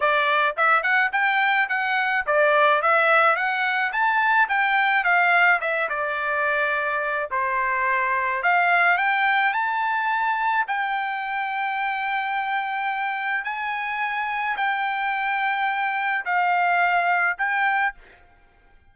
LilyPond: \new Staff \with { instrumentName = "trumpet" } { \time 4/4 \tempo 4 = 107 d''4 e''8 fis''8 g''4 fis''4 | d''4 e''4 fis''4 a''4 | g''4 f''4 e''8 d''4.~ | d''4 c''2 f''4 |
g''4 a''2 g''4~ | g''1 | gis''2 g''2~ | g''4 f''2 g''4 | }